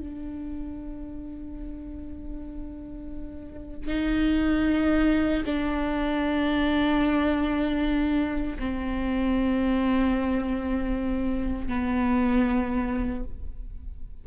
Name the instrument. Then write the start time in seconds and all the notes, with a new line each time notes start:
viola
0.00 D4
3.88 D#4
5.46 D4
8.59 C4
11.68 B3